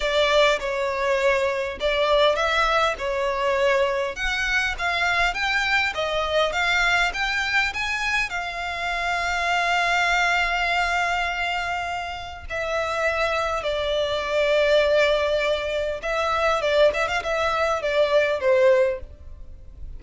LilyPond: \new Staff \with { instrumentName = "violin" } { \time 4/4 \tempo 4 = 101 d''4 cis''2 d''4 | e''4 cis''2 fis''4 | f''4 g''4 dis''4 f''4 | g''4 gis''4 f''2~ |
f''1~ | f''4 e''2 d''4~ | d''2. e''4 | d''8 e''16 f''16 e''4 d''4 c''4 | }